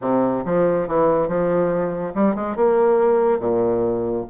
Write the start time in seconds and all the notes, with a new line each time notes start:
0.01 C3
0.45 F3
0.87 E3
1.28 F3
2.14 G3
2.35 G#3
2.56 A#3
3.39 A#2